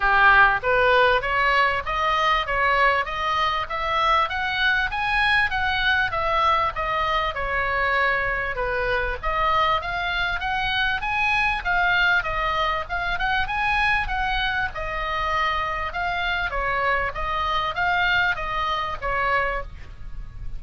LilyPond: \new Staff \with { instrumentName = "oboe" } { \time 4/4 \tempo 4 = 98 g'4 b'4 cis''4 dis''4 | cis''4 dis''4 e''4 fis''4 | gis''4 fis''4 e''4 dis''4 | cis''2 b'4 dis''4 |
f''4 fis''4 gis''4 f''4 | dis''4 f''8 fis''8 gis''4 fis''4 | dis''2 f''4 cis''4 | dis''4 f''4 dis''4 cis''4 | }